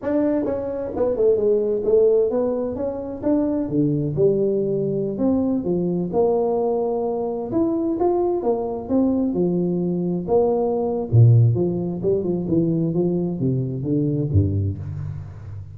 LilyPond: \new Staff \with { instrumentName = "tuba" } { \time 4/4 \tempo 4 = 130 d'4 cis'4 b8 a8 gis4 | a4 b4 cis'4 d'4 | d4 g2~ g16 c'8.~ | c'16 f4 ais2~ ais8.~ |
ais16 e'4 f'4 ais4 c'8.~ | c'16 f2 ais4.~ ais16 | ais,4 f4 g8 f8 e4 | f4 c4 d4 g,4 | }